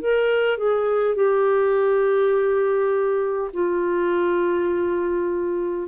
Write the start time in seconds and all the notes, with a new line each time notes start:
0.00 A#4
0.58 G#4
1.16 G4
3.53 F4